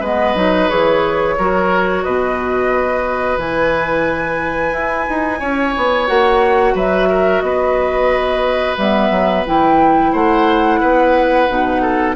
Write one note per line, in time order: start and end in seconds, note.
0.00 0.35 G#3
0.00 0.35 B3
0.00 1.35 B4
0.00 0.69 D#5
0.35 0.69 F#3
0.35 0.69 D#4
0.69 1.38 E3
0.69 1.37 G#4
0.69 2.03 C#5
1.38 2.05 F#3
1.38 3.38 F#4
1.38 2.04 A#4
2.03 3.37 B2
2.03 5.39 B4
2.03 3.38 D#5
3.37 4.72 E3
3.37 6.07 E4
3.37 6.07 G#5
4.72 5.06 E4
5.09 5.41 D#4
5.39 5.75 C#4
5.39 6.74 C#5
5.77 6.09 B3
6.07 6.75 A#3
6.07 8.77 F#4
6.07 6.75 F#5
6.75 7.42 F#3
6.75 7.08 B4
6.75 7.40 E5
7.09 7.43 A#4
7.40 8.77 B3
7.40 10.12 B4
7.40 8.75 D#5
8.77 9.11 G3
8.77 9.46 B3
8.77 9.45 E5
9.11 9.44 F#3
9.46 10.13 E3
9.46 11.48 E4
9.46 10.14 G5
10.12 10.81 A3
10.12 10.80 C5
10.12 12.15 F#5
10.80 11.49 B3
10.80 11.82 B4
11.48 12.15 B2
11.48 12.15 D#4
11.82 12.15 A4